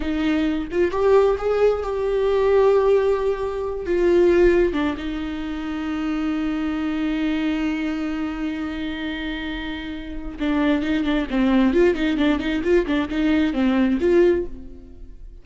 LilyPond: \new Staff \with { instrumentName = "viola" } { \time 4/4 \tempo 4 = 133 dis'4. f'8 g'4 gis'4 | g'1~ | g'8 f'2 d'8 dis'4~ | dis'1~ |
dis'1~ | dis'2. d'4 | dis'8 d'8 c'4 f'8 dis'8 d'8 dis'8 | f'8 d'8 dis'4 c'4 f'4 | }